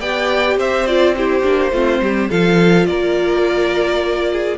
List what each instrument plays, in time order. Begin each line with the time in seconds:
0.00 cello B3, viola G4, violin D5 G5
0.57 cello C4, violin C5 E5
0.87 viola F4, violin D5
1.17 viola E4, violin G4 C5
1.43 cello A#3, viola D4
1.72 cello A3, viola C4, violin F4
2.01 cello G3, violin G4
2.30 cello F3, viola F4, violin A4 F5
2.86 cello A#3, violin A#4 D5
4.33 violin G#4